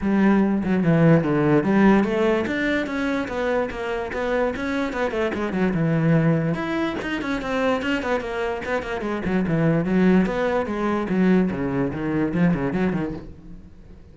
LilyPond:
\new Staff \with { instrumentName = "cello" } { \time 4/4 \tempo 4 = 146 g4. fis8 e4 d4 | g4 a4 d'4 cis'4 | b4 ais4 b4 cis'4 | b8 a8 gis8 fis8 e2 |
e'4 dis'8 cis'8 c'4 cis'8 b8 | ais4 b8 ais8 gis8 fis8 e4 | fis4 b4 gis4 fis4 | cis4 dis4 f8 cis8 fis8 dis8 | }